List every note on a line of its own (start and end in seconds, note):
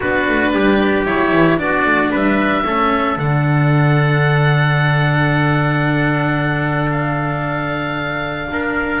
0.00 0.28 B3
0.00 1.05 D4
0.00 0.52 F#4
0.00 1.06 B4
0.28 0.52 A3
0.52 1.05 G3
0.52 1.60 G4
1.05 1.32 F#3
1.05 1.57 E4
1.05 1.58 C#5
1.32 1.58 E3
1.57 1.85 B3
1.57 2.63 D4
1.57 2.10 F#4
1.57 2.11 D5
1.85 2.11 A3
2.10 2.65 G3
2.10 2.63 B4
2.10 3.18 E5
2.65 3.16 A3
2.65 3.18 C#4
2.65 8.51 A4
3.16 8.47 D3
3.16 9.00 D4
3.16 6.90 F#5
6.91 9.00 F5
8.51 9.00 D4
8.51 9.00 A#4